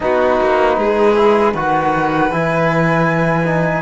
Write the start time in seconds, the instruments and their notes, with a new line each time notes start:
0.00 cello B3, trombone D#4, violin F#4, flute B4
0.40 cello A#3
0.77 cello G#3, violin G#4
1.14 trombone E4
1.53 cello D#3, trombone F#4, violin B4, flute F#5
2.31 cello E3, trombone E4, flute G#5
3.45 trombone D#4